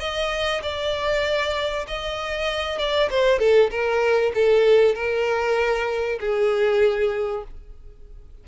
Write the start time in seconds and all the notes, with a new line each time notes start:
0.00 D#5
0.63 D5
1.88 D#5
2.79 D5
3.11 C5
3.40 A4
3.71 A#4
4.35 A4
4.95 A#4
6.21 G#4